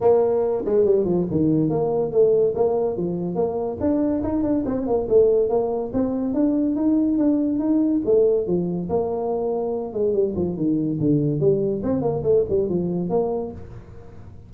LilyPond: \new Staff \with { instrumentName = "tuba" } { \time 4/4 \tempo 4 = 142 ais4. gis8 g8 f8 dis4 | ais4 a4 ais4 f4 | ais4 d'4 dis'8 d'8 c'8 ais8 | a4 ais4 c'4 d'4 |
dis'4 d'4 dis'4 a4 | f4 ais2~ ais8 gis8 | g8 f8 dis4 d4 g4 | c'8 ais8 a8 g8 f4 ais4 | }